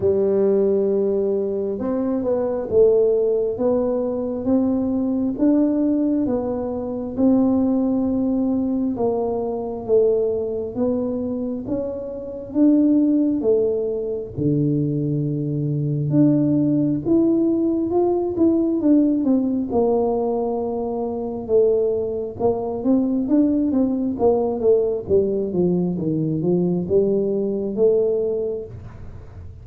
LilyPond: \new Staff \with { instrumentName = "tuba" } { \time 4/4 \tempo 4 = 67 g2 c'8 b8 a4 | b4 c'4 d'4 b4 | c'2 ais4 a4 | b4 cis'4 d'4 a4 |
d2 d'4 e'4 | f'8 e'8 d'8 c'8 ais2 | a4 ais8 c'8 d'8 c'8 ais8 a8 | g8 f8 dis8 f8 g4 a4 | }